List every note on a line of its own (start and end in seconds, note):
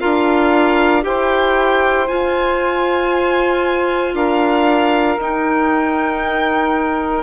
0.00 1.05 D4
0.00 1.02 F4
0.00 1.04 A#4
0.00 1.04 F5
1.02 2.09 E4
1.02 2.06 G4
1.02 4.15 C5
1.02 2.08 G5
2.08 5.19 F4
2.08 4.14 F4
2.08 4.15 G#5
4.14 5.17 D4
4.14 7.23 A#4
4.14 5.19 F5
5.19 7.23 D#4
5.19 7.23 G5